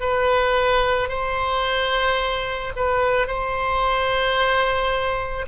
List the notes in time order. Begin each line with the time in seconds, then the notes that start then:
0.00 B4
1.09 C5
2.76 B4
3.27 C5